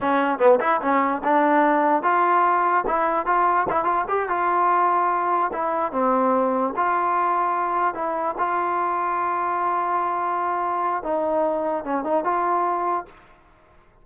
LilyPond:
\new Staff \with { instrumentName = "trombone" } { \time 4/4 \tempo 4 = 147 cis'4 b8 e'8 cis'4 d'4~ | d'4 f'2 e'4 | f'4 e'8 f'8 g'8 f'4.~ | f'4. e'4 c'4.~ |
c'8 f'2. e'8~ | e'8 f'2.~ f'8~ | f'2. dis'4~ | dis'4 cis'8 dis'8 f'2 | }